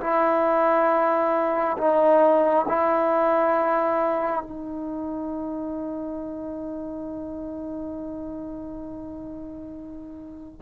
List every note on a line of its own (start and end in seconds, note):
0.00 1.76 E4
1.77 2.66 D#4
2.68 4.43 E4
4.43 10.60 D#4